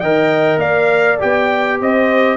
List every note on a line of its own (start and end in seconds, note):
0.00 0.57 D#3
0.00 1.19 A#4
0.00 0.59 D#5
0.00 0.59 G5
0.57 1.16 A#3
0.57 1.78 D5
0.57 1.19 F5
1.19 1.81 B3
1.19 2.37 G4
1.19 1.80 G5
1.80 2.37 C4
1.80 2.37 C5
1.80 2.37 D#5